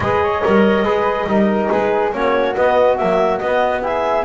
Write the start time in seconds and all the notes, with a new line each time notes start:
0.00 G#3 G#4 B4 D#5
0.23 C#5
0.43 G3 A#4
0.82 G#3 G#4 B4
1.26 G3 D#4 A#4
1.69 G#3 G#4 B4
2.12 A#3 C#4 F#4 C#5
2.56 B3 D#5
2.96 F#3 A#3 E5
3.38 B3 D#5
3.81 E4 G#4 E5